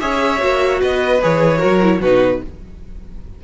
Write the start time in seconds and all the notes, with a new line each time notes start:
0.00 C#4 G#4 C#5 E5
0.38 A#3 F#4
0.80 B3 B4 D#5
1.22 E3 G#4 C#5
1.58 F#3 F#4 A#4
1.82 E4
2.00 B2 D#4 F#4 B4